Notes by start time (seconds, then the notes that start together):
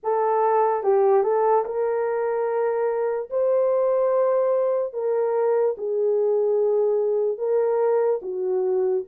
0.03 A4
0.83 G4
1.23 A4
1.65 A#4
3.30 C5
4.93 A#4
5.77 G#4
7.37 A#4
8.22 F#4